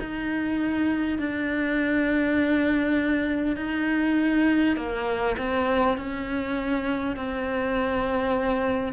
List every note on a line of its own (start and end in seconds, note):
0.00 1.18 D#4
1.18 3.56 D4
3.56 4.76 D#4
4.76 5.36 A#3
5.38 5.98 C4
5.98 7.17 C#4
7.17 8.93 C4